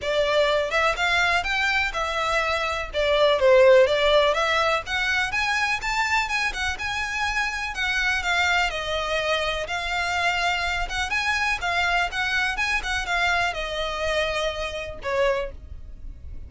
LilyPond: \new Staff \with { instrumentName = "violin" } { \time 4/4 \tempo 4 = 124 d''4. e''8 f''4 g''4 | e''2 d''4 c''4 | d''4 e''4 fis''4 gis''4 | a''4 gis''8 fis''8 gis''2 |
fis''4 f''4 dis''2 | f''2~ f''8 fis''8 gis''4 | f''4 fis''4 gis''8 fis''8 f''4 | dis''2. cis''4 | }